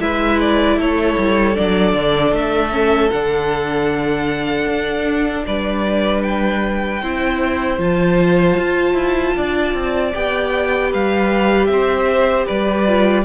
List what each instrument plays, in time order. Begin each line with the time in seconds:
0.00 cello G#3, viola E4, violin B4 E5
0.40 violin D5
0.77 cello A3, violin A4 C#5
1.18 cello G3
1.55 cello F#3, viola D4, violin D5
1.93 cello D3
2.32 cello A3, violin E5
2.71 viola C#4
3.11 cello D3, viola D4, violin F#5
4.66 cello D4
5.47 cello G3, violin B4 D5
6.22 violin G5
7.02 cello C4, viola E4, violin C5
7.78 cello F3, viola F4, violin A5
8.57 cello F4
8.94 cello E4
9.37 cello D4, violin D5
9.74 cello C4
10.13 cello B3, viola G4, violin G5
10.90 cello G3, violin B4 F5
11.66 cello C4, violin E5
11.72 violin C5
12.46 cello G3, violin B4 D5
12.87 viola F4